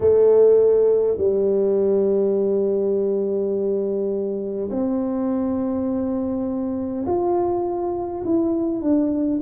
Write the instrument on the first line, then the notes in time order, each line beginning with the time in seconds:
tuba
0.00 A3
1.17 G3
4.70 C4
7.06 F4
8.24 E4
8.81 D4